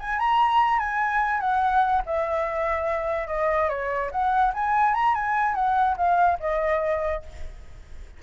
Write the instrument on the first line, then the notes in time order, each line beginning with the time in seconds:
flute
0.00 G#5
0.20 A#5
0.79 G#5
1.41 F#5
2.06 E5
3.28 D#5
3.69 C#5
4.12 F#5
4.54 G#5
4.94 A#5
5.15 G#5
5.55 F#5
5.97 F5
6.40 D#5